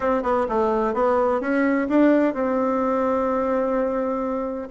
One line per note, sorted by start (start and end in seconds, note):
0.00 0.22 C4
0.22 0.46 B3
0.48 0.94 A3
0.94 1.40 B3
1.40 1.87 C#4
1.89 2.34 D4
2.34 4.68 C4